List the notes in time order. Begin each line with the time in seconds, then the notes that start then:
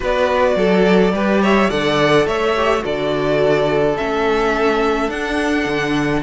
0.00 B3 F#4 B4 D5
0.56 F#3 A4
1.12 G3 G4 B4
1.41 C#5 E5
1.70 D3 A4 D5 F#5
2.26 A3 C#5 E5
2.56 G4
2.79 F#4 A4
2.85 D3 D5
3.97 A3 C#4 E5
5.08 D4 F#5
5.65 D3